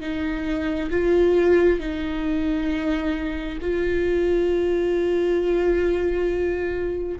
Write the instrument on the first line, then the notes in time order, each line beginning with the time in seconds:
viola
0.00 D#4
0.90 F4
1.79 D#4
3.61 F4